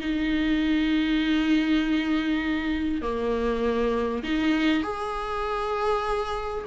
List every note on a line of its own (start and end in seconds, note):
0.00 3.01 D#4
3.01 4.22 A#3
4.23 4.83 D#4
4.83 6.64 G#4